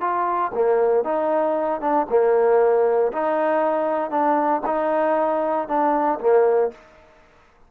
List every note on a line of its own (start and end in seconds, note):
0.00 0.51 F4
0.54 1.03 A#3
1.03 1.80 D#4
1.80 2.06 D4
2.09 3.12 A#3
3.12 4.10 D#4
4.10 4.61 D4
4.65 5.68 D#4
5.68 6.19 D4
6.19 6.71 A#3